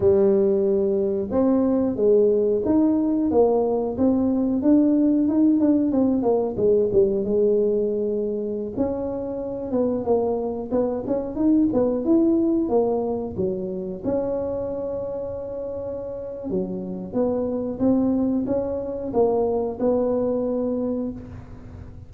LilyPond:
\new Staff \with { instrumentName = "tuba" } { \time 4/4 \tempo 4 = 91 g2 c'4 gis4 | dis'4 ais4 c'4 d'4 | dis'8 d'8 c'8 ais8 gis8 g8 gis4~ | gis4~ gis16 cis'4. b8 ais8.~ |
ais16 b8 cis'8 dis'8 b8 e'4 ais8.~ | ais16 fis4 cis'2~ cis'8.~ | cis'4 fis4 b4 c'4 | cis'4 ais4 b2 | }